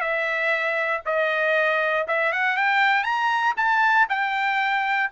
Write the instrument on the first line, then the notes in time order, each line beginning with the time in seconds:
trumpet
0.00 E5
1.05 D#5
2.07 E5
2.32 F#5
2.56 G5
3.03 A#5
3.57 A5
4.09 G5